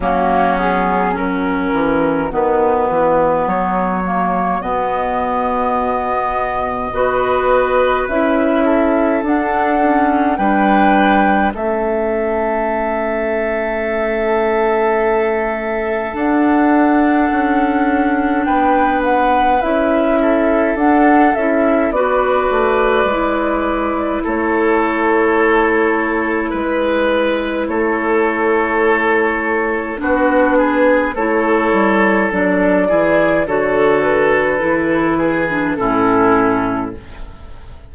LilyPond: <<
  \new Staff \with { instrumentName = "flute" } { \time 4/4 \tempo 4 = 52 fis'8 gis'8 ais'4 b'4 cis''4 | dis''2. e''4 | fis''4 g''4 e''2~ | e''2 fis''2 |
g''8 fis''8 e''4 fis''8 e''8 d''4~ | d''4 cis''2 b'4 | cis''2 b'4 cis''4 | d''4 cis''8 b'4. a'4 | }
  \new Staff \with { instrumentName = "oboe" } { \time 4/4 cis'4 fis'2.~ | fis'2 b'4. a'8~ | a'4 b'4 a'2~ | a'1 |
b'4. a'4. b'4~ | b'4 a'2 b'4 | a'2 fis'8 gis'8 a'4~ | a'8 gis'8 a'4. gis'8 e'4 | }
  \new Staff \with { instrumentName = "clarinet" } { \time 4/4 ais8 b8 cis'4 b4. ais8 | b2 fis'4 e'4 | d'8 cis'8 d'4 cis'2~ | cis'2 d'2~ |
d'4 e'4 d'8 e'8 fis'4 | e'1~ | e'2 d'4 e'4 | d'8 e'8 fis'4 e'8. d'16 cis'4 | }
  \new Staff \with { instrumentName = "bassoon" } { \time 4/4 fis4. e8 dis8 e8 fis4 | b,2 b4 cis'4 | d'4 g4 a2~ | a2 d'4 cis'4 |
b4 cis'4 d'8 cis'8 b8 a8 | gis4 a2 gis4 | a2 b4 a8 g8 | fis8 e8 d4 e4 a,4 | }
>>